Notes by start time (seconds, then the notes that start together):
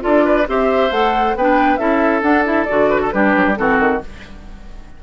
0.00 F4 A4 D5
0.06 D4
0.25 B4
0.47 C4 G4 C5 E5
0.91 A3 A4 F#5
1.35 B3 D4 B4 G5
1.77 C#4 E4 A4 E5
2.22 D4 F#5
2.44 E4 E5
2.64 D3 F#4 D5
2.90 B4
3.02 A4
3.11 G3 D4 G4 B4
3.37 F#3
3.46 G3
3.56 E3 C4 F#4 A4
3.79 D#3